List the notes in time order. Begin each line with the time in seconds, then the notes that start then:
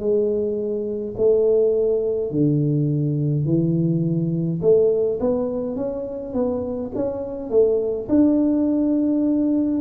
0.00 G#3
1.17 A3
2.31 D3
3.46 E3
4.62 A3
5.20 B3
5.76 C#4
6.34 B3
6.95 C#4
7.51 A3
8.09 D4